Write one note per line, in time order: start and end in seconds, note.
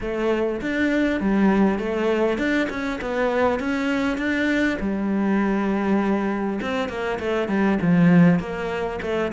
0.00 0.60 A3
0.61 1.20 D4
1.20 1.78 G3
1.78 2.38 A3
2.38 2.68 D4
2.69 2.99 C#4
3.01 3.59 B3
3.59 4.17 C#4
4.17 4.77 D4
4.79 6.59 G3
6.61 6.88 C4
6.88 7.18 A#3
7.19 7.48 A3
7.48 7.78 G3
7.81 8.39 F3
8.39 8.99 A#3
9.02 9.31 A3